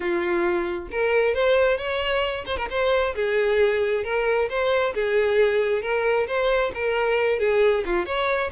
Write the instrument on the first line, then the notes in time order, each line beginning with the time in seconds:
violin
0.00 F4
0.91 A#4
1.34 C5
1.77 C#5
2.45 C5
2.57 A#4
2.70 C5
3.15 G#4
4.03 A#4
4.49 C5
4.94 G#4
5.81 A#4
6.27 C5
6.74 A#4
7.39 G#4
7.85 F4
8.05 C#5